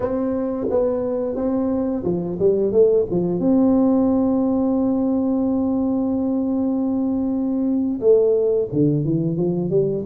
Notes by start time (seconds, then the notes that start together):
0.00 C4
0.69 B3
1.35 C4
2.04 F3
2.39 G3
2.71 A3
3.10 F3
3.39 C4
8.00 A3
8.72 D3
9.04 E3
9.36 F3
9.69 G3